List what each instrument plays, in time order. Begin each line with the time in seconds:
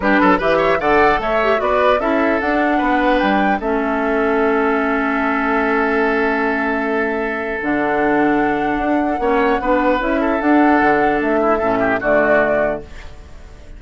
0.00 bassoon G3, clarinet D4, oboe G4, flute B4
0.20 bassoon F#3, oboe A4
0.38 bassoon E3, clarinet G4, oboe B4, flute E5
0.57 oboe C#5
0.79 bassoon D3, clarinet A4, oboe D5, flute F#5
1.19 bassoon A3, oboe C#5, flute E5
1.42 clarinet G4
1.56 bassoon B3, clarinet F#4, oboe B4, flute D5
1.99 bassoon C#4, clarinet E4, oboe A4, flute E5
2.40 bassoon D4, clarinet D4, flute F#5
2.77 bassoon B3, oboe B4
3.18 bassoon G3, flute G5
3.59 bassoon A3, clarinet C#4, oboe A4, flute E5
7.61 bassoon D3, clarinet D4, flute F#5
8.77 bassoon D4
9.19 bassoon A#3, clarinet C#4, oboe C#5
9.59 bassoon B3, clarinet D4, oboe B4
9.99 bassoon C#4, clarinet E4, flute E5
10.20 oboe A4
10.39 clarinet D4, bassoon D4, flute F#5
10.81 bassoon D3
11.20 bassoon A3, flute E5
11.40 oboe E4
11.58 bassoon A2, clarinet C#4, oboe A4
11.79 oboe G4
12.00 bassoon D3, clarinet A3, oboe F#4, flute D5